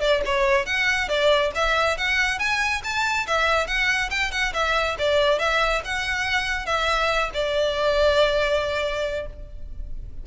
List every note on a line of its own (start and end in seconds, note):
0.00 0.21 D5
0.25 0.65 C#5
0.65 1.08 F#5
1.08 1.51 D5
1.55 1.97 E5
1.97 2.39 F#5
2.39 2.81 G#5
2.84 3.26 A5
3.27 3.67 E5
3.67 4.09 F#5
4.10 4.31 G5
4.31 4.53 F#5
4.53 4.96 E5
4.98 5.39 D5
5.39 5.81 E5
5.84 6.65 F#5
6.65 7.30 E5
7.33 9.26 D5